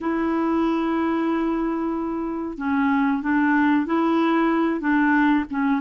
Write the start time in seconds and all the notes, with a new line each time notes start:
0.00 E4
2.57 C#4
3.22 D4
3.86 E4
4.80 D4
5.50 C#4